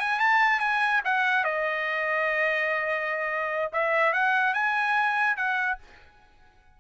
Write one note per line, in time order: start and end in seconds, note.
0.00 0.19 G#5
0.19 0.60 A5
0.60 1.01 G#5
1.05 1.44 F#5
1.44 3.72 D#5
3.73 4.13 E5
4.13 4.54 F#5
4.54 5.37 G#5
5.37 5.78 F#5